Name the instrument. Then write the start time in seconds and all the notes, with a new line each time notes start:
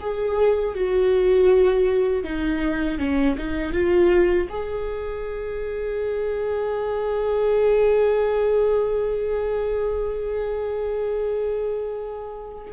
viola
0.00 G#4
0.74 F#4
2.24 D#4
2.99 C#4
3.37 D#4
3.73 F4
4.49 G#4